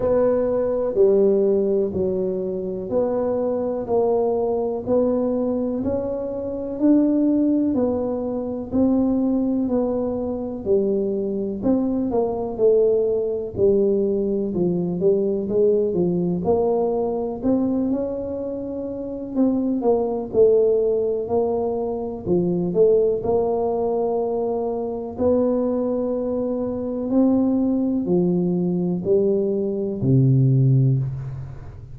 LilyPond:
\new Staff \with { instrumentName = "tuba" } { \time 4/4 \tempo 4 = 62 b4 g4 fis4 b4 | ais4 b4 cis'4 d'4 | b4 c'4 b4 g4 | c'8 ais8 a4 g4 f8 g8 |
gis8 f8 ais4 c'8 cis'4. | c'8 ais8 a4 ais4 f8 a8 | ais2 b2 | c'4 f4 g4 c4 | }